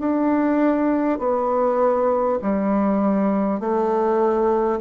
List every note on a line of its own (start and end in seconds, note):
0.00 1.19 D4
1.19 2.39 B3
2.42 3.60 G3
3.60 4.80 A3